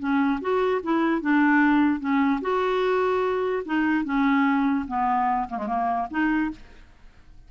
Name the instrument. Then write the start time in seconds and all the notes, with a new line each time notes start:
clarinet
0.00 C#4
0.41 F#4
0.84 E4
1.22 D4
2.00 C#4
2.42 F#4
3.66 D#4
4.05 C#4
4.88 B3
5.50 A#3
5.58 G#3
5.67 A#3
6.11 D#4